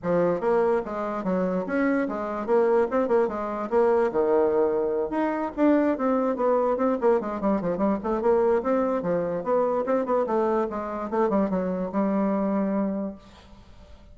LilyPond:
\new Staff \with { instrumentName = "bassoon" } { \time 4/4 \tempo 4 = 146 f4 ais4 gis4 fis4 | cis'4 gis4 ais4 c'8 ais8 | gis4 ais4 dis2~ | dis8 dis'4 d'4 c'4 b8~ |
b8 c'8 ais8 gis8 g8 f8 g8 a8 | ais4 c'4 f4 b4 | c'8 b8 a4 gis4 a8 g8 | fis4 g2. | }